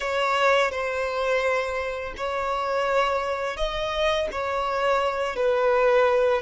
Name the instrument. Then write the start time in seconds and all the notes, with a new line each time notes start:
violin
0.00 C#5
0.71 C5
2.17 C#5
3.56 D#5
4.31 C#5
5.35 B4